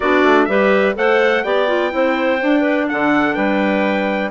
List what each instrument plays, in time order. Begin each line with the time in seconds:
0.00 bassoon B3, clarinet D4 F#4, trumpet D5
0.23 bassoon A3
0.45 bassoon G3, clarinet G4 B4, trumpet E5
0.94 bassoon A3, clarinet A4 C5, trumpet F#5
1.43 bassoon B3, clarinet G4 D5, trumpet G5
1.67 clarinet F4
1.90 bassoon C4, clarinet E4 C5
2.41 clarinet D4, bassoon D4
2.60 clarinet B4
2.88 bassoon D3, clarinet A4, trumpet F#5
3.34 bassoon G3, clarinet B4, trumpet G5